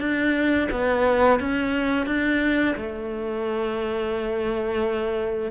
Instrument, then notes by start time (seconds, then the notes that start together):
cello
0.00 D4
0.71 B3
1.40 C#4
2.06 D4
2.76 A3